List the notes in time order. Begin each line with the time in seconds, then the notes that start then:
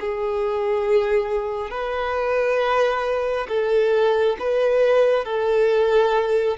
0.00 G#4
1.70 B4
3.49 A4
4.39 B4
5.25 A4